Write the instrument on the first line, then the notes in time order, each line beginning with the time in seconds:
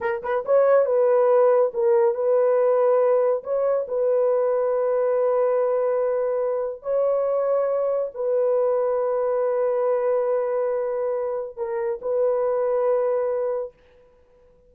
horn
0.01 A#4
0.23 B4
0.45 C#5
0.85 B4
1.73 A#4
2.14 B4
3.43 C#5
3.88 B4
6.82 C#5
8.14 B4
11.56 A#4
12.01 B4